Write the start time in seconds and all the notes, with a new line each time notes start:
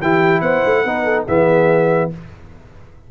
0.00 E3 E4 G4 G5
0.40 B3 C5 F#5
0.65 A3
0.84 B3 D#4 B4
1.04 A4
1.26 E3 B3 G#4 E5